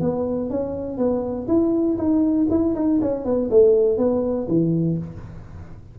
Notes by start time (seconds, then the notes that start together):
0.00 B3
0.50 C#4
0.97 B3
1.47 E4
1.97 D#4
2.50 E4
2.75 D#4
3.01 C#4
3.24 B3
3.50 A3
3.97 B3
4.48 E3